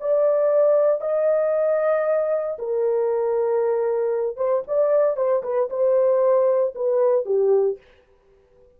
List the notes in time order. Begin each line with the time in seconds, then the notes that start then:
0.00 D5
1.01 D#5
2.58 A#4
4.36 C5
4.67 D5
5.16 C5
5.43 B4
5.70 C5
6.75 B4
7.25 G4